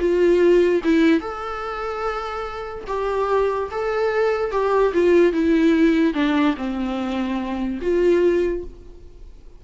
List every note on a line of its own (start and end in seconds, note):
0.00 0.82 F4
0.84 1.20 E4
1.20 2.85 A4
2.87 3.70 G4
3.71 4.52 A4
4.52 4.93 G4
4.94 5.33 F4
5.33 6.14 E4
6.14 6.55 D4
6.57 7.80 C4
7.82 8.64 F4